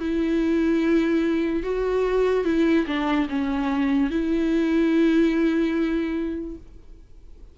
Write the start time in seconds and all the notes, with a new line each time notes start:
0.00 E4
1.63 F#4
2.45 E4
2.87 D4
3.30 C#4
4.11 E4